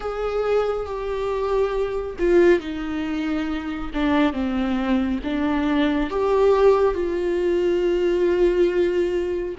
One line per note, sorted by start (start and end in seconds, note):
0.00 0.86 G#4
0.86 2.16 G4
2.18 2.60 F4
2.60 3.90 D#4
3.93 4.32 D4
4.32 5.19 C4
5.23 6.10 D4
6.10 6.94 G4
6.94 9.55 F4